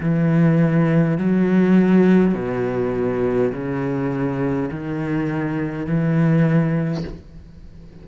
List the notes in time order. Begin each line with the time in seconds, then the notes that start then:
0.00 E3
1.18 F#3
2.34 B2
3.52 C#3
4.71 D#3
5.86 E3